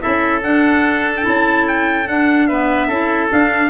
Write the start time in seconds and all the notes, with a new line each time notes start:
0.00 C#4 E4 A4 E5
0.42 D4 F#5
1.16 E4 G5
1.26 C#4 A5
1.67 G5
2.08 D4 F#5
2.47 B3 B4 E5
2.87 C#4 E4 A4
3.30 D4 F5